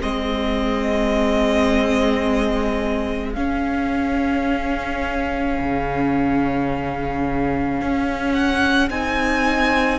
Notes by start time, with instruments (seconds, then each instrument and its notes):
0.00 cello G#3, viola C4, violin G#4 D#5
3.33 viola C#4, cello C#4, violin F5
5.59 cello C#3
7.81 cello C#4
8.33 violin F#5
8.90 cello C4, viola D#4, violin G#5